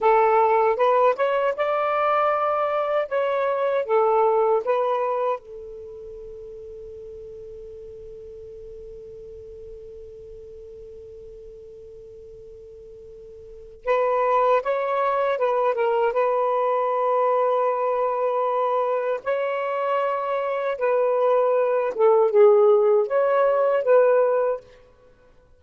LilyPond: \new Staff \with { instrumentName = "saxophone" } { \time 4/4 \tempo 4 = 78 a'4 b'8 cis''8 d''2 | cis''4 a'4 b'4 a'4~ | a'1~ | a'1~ |
a'2 b'4 cis''4 | b'8 ais'8 b'2.~ | b'4 cis''2 b'4~ | b'8 a'8 gis'4 cis''4 b'4 | }